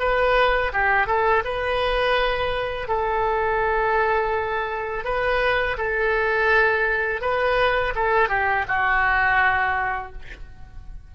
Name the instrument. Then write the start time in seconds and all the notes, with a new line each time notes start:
oboe
0.00 B4
0.73 G4
1.07 A4
1.45 B4
2.88 A4
5.05 B4
5.78 A4
7.22 B4
7.96 A4
8.29 G4
8.68 F#4